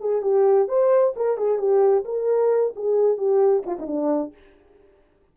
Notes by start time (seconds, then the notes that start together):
0.00 G#4
0.22 G4
0.68 C5
1.16 A#4
1.37 G#4
1.58 G4
2.04 A#4
2.76 G#4
3.17 G4
3.66 F4
3.79 D#4
3.87 D4